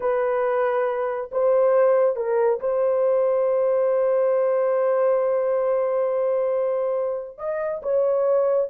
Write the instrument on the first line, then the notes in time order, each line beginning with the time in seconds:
horn
0.00 B4
1.31 C5
2.16 A#4
2.59 C5
7.38 D#5
7.82 C#5